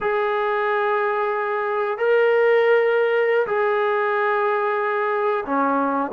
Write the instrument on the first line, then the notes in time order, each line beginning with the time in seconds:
trombone
0.00 G#4
1.98 A#4
3.46 G#4
5.45 C#4